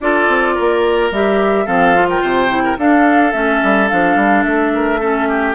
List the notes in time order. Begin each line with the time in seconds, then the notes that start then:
0.00 D4 F4 A4 D5
0.28 C4
0.54 A#3 A#4
1.11 G3 G4 E5
1.65 F3 C4 A4 F5
1.94 F4
2.09 A#4 G5
2.21 C3 C5
2.48 E4
2.63 A#4
2.77 D4 A4 F5
3.32 A3 C#4 E5
3.63 G3
3.88 F3 D4 F5
4.16 G3
4.43 A3 E5
4.74 A#4
5.00 C#4 A4
5.28 G4